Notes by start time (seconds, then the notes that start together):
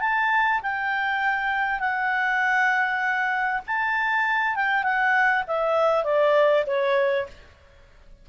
0.00 A5
0.62 G5
1.80 F#5
3.67 A5
4.56 G5
4.83 F#5
5.47 E5
6.04 D5
6.66 C#5